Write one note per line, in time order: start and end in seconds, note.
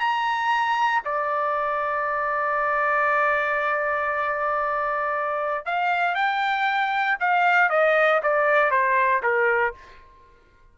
0.00 1.03 A#5
1.05 5.65 D5
5.65 6.15 F5
6.15 7.17 G5
7.20 7.70 F5
7.70 8.21 D#5
8.23 8.71 D5
8.71 9.22 C5
9.23 9.74 A#4